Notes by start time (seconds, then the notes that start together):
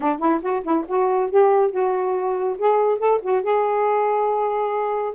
0.00 D4
0.19 E4
0.41 F#4
0.63 E4
0.87 F#4
1.30 G4
1.71 F#4
2.58 G#4
2.98 A4
3.21 F#4
3.42 G#4